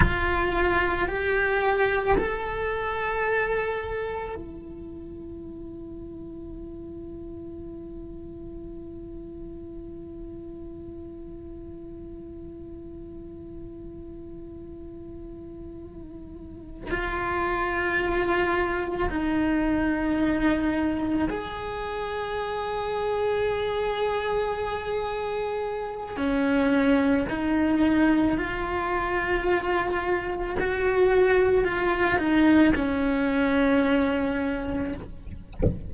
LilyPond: \new Staff \with { instrumentName = "cello" } { \time 4/4 \tempo 4 = 55 f'4 g'4 a'2 | e'1~ | e'1~ | e'2.~ e'8 f'8~ |
f'4. dis'2 gis'8~ | gis'1 | cis'4 dis'4 f'2 | fis'4 f'8 dis'8 cis'2 | }